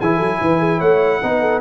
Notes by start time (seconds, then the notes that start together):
0.00 E3 E4 G#4 G#5
0.16 F#3 A4
0.40 E3 B4
0.59 G#4
0.78 A3 C#5 F#5
1.22 B3 D#4 B4
1.40 A4